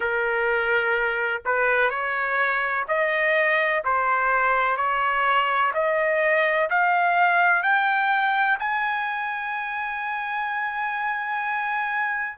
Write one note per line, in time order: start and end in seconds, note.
0.00 1.42 A#4
1.45 1.90 B4
1.90 2.85 C#5
2.88 3.83 D#5
3.84 4.76 C5
4.76 5.71 C#5
5.74 6.69 D#5
6.69 7.62 F5
7.62 8.58 G5
8.59 12.37 G#5